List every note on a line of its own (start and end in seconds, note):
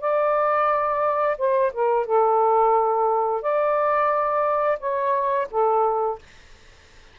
0.00 1.36 D5
1.37 1.71 C5
1.73 2.05 A#4
2.05 3.42 A4
3.42 4.78 D5
4.79 5.47 C#5
5.50 6.19 A4